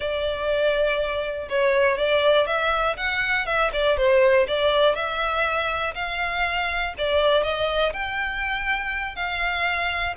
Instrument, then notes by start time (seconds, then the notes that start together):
violin
0.00 D5
1.49 C#5
1.97 D5
2.47 E5
2.96 F#5
3.46 E5
3.72 D5
3.97 C5
4.47 D5
4.95 E5
5.94 F5
6.97 D5
7.43 D#5
7.93 G5
9.15 F5